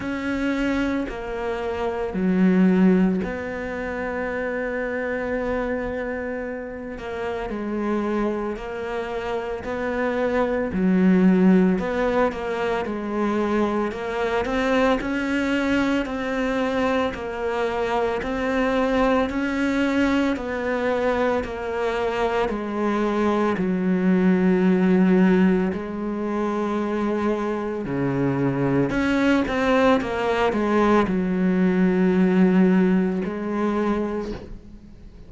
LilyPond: \new Staff \with { instrumentName = "cello" } { \time 4/4 \tempo 4 = 56 cis'4 ais4 fis4 b4~ | b2~ b8 ais8 gis4 | ais4 b4 fis4 b8 ais8 | gis4 ais8 c'8 cis'4 c'4 |
ais4 c'4 cis'4 b4 | ais4 gis4 fis2 | gis2 cis4 cis'8 c'8 | ais8 gis8 fis2 gis4 | }